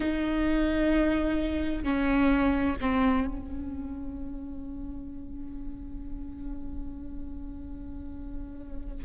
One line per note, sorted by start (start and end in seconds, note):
0.00 1.83 D#4
1.83 2.76 C#4
2.80 3.27 C4
3.27 9.05 C#4